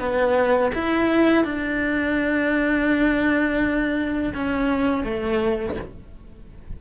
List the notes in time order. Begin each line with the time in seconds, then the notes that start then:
0.00 B3
0.75 E4
1.44 D4
4.34 C#4
5.04 A3